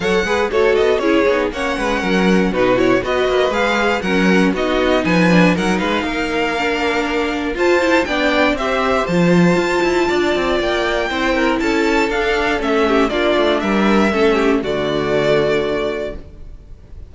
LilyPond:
<<
  \new Staff \with { instrumentName = "violin" } { \time 4/4 \tempo 4 = 119 fis''4 cis''8 dis''8 cis''4 fis''4~ | fis''4 b'8 cis''8 dis''4 f''4 | fis''4 dis''4 gis''4 fis''8 f''8~ | f''2. a''4 |
g''4 e''4 a''2~ | a''4 g''2 a''4 | f''4 e''4 d''4 e''4~ | e''4 d''2. | }
  \new Staff \with { instrumentName = "violin" } { \time 4/4 cis''8 b'8 a'4 gis'4 cis''8 b'8 | ais'4 fis'4 b'2 | ais'4 fis'4 b'4 ais'8 b'8 | ais'2. c''4 |
d''4 c''2. | d''2 c''8 ais'8 a'4~ | a'4. g'8 f'4 ais'4 | a'8 g'8 fis'2. | }
  \new Staff \with { instrumentName = "viola" } { \time 4/4 a'8 gis'8 fis'4 e'8 dis'8 cis'4~ | cis'4 dis'8 e'8 fis'4 gis'4 | cis'4 dis'4. d'8 dis'4~ | dis'4 d'2 f'8 e'8 |
d'4 g'4 f'2~ | f'2 e'2 | d'4 cis'4 d'2 | cis'4 a2. | }
  \new Staff \with { instrumentName = "cello" } { \time 4/4 fis8 gis8 a8 b8 cis'8 b8 ais8 gis8 | fis4 b,4 b8 ais8 gis4 | fis4 b4 f4 fis8 gis8 | ais2. f'4 |
b4 c'4 f4 f'8 e'8 | d'8 c'8 ais4 c'4 cis'4 | d'4 a4 ais8 a8 g4 | a4 d2. | }
>>